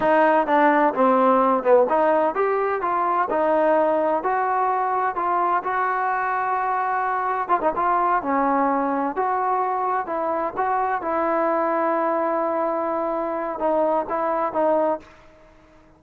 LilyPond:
\new Staff \with { instrumentName = "trombone" } { \time 4/4 \tempo 4 = 128 dis'4 d'4 c'4. b8 | dis'4 g'4 f'4 dis'4~ | dis'4 fis'2 f'4 | fis'1 |
f'16 dis'16 f'4 cis'2 fis'8~ | fis'4. e'4 fis'4 e'8~ | e'1~ | e'4 dis'4 e'4 dis'4 | }